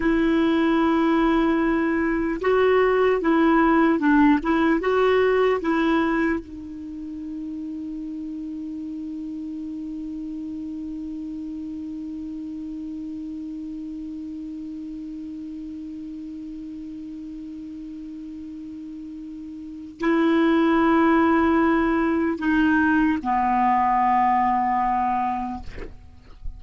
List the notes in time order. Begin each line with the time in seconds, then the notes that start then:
0.00 E4
2.41 F#4
3.21 E4
3.99 D4
4.43 E4
4.80 F#4
5.61 E4
6.39 D#4
20.00 E4
22.38 D#4
23.23 B3